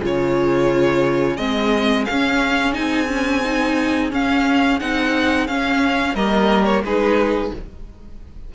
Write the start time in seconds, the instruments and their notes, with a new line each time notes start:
0.00 cello C#3, viola F4, violin G#4 C#5
1.37 cello G#3, viola C4, violin D#5
2.06 cello C#4, violin F5
2.12 viola C#4
2.73 cello C4, viola D#4, violin G#5
3.08 viola C#4
3.45 viola D#4
4.11 viola C#4, cello C#4, violin F5
4.80 cello C4, viola D#4, violin F#5
5.48 viola C#4, cello C#4, violin F5
6.15 cello G3, viola A#3, violin A#4 D#5
6.65 violin C#5
6.83 cello G#3, viola D#4, violin G#4 B4